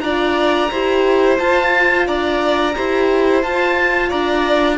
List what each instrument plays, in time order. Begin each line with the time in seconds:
0.00 cello D4, horn F4, violin D5, oboe A#5
0.70 cello E4, horn G4, violin C5
1.38 horn F4, cello F4, oboe A5
2.07 cello D4, violin D5, oboe A#5
2.76 cello E4, horn G4, violin C5
3.43 horn F4, cello F4, oboe A5
4.09 cello D4, violin D5, oboe A#5